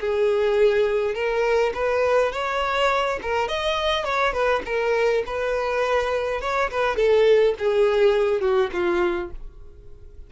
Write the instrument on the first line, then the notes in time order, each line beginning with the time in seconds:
violin
0.00 G#4
1.14 A#4
1.74 B4
2.32 C#5
3.22 A#4
3.48 D#5
4.04 C#5
4.33 B4
4.65 A#4
5.26 B4
6.41 C#5
6.70 B4
6.96 A4
7.59 G#4
8.41 F#4
8.72 F4